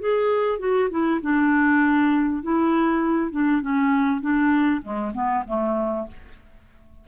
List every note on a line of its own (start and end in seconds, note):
0.00 0.59 G#4
0.59 0.89 F#4
0.90 1.21 E4
1.21 2.42 D4
2.42 3.31 E4
3.31 3.61 D4
3.61 4.21 C#4
4.21 4.81 D4
4.82 5.12 G#3
5.13 5.44 B3
5.47 6.07 A3